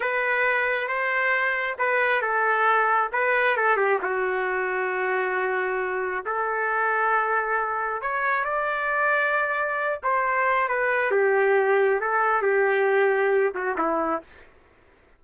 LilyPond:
\new Staff \with { instrumentName = "trumpet" } { \time 4/4 \tempo 4 = 135 b'2 c''2 | b'4 a'2 b'4 | a'8 g'8 fis'2.~ | fis'2 a'2~ |
a'2 cis''4 d''4~ | d''2~ d''8 c''4. | b'4 g'2 a'4 | g'2~ g'8 fis'8 e'4 | }